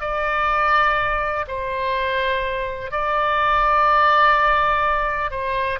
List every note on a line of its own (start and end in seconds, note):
0.00 1.45 D5
1.47 2.91 C5
2.91 5.30 D5
5.30 5.79 C5